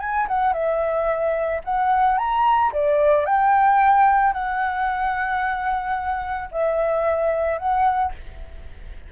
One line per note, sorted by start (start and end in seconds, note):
0.00 0.27 G#5
0.28 0.54 F#5
0.54 1.62 E5
1.65 2.18 F#5
2.18 2.72 A#5
2.73 3.26 D5
3.26 4.33 G5
4.33 6.50 F#5
6.52 7.59 E5
7.59 8.13 F#5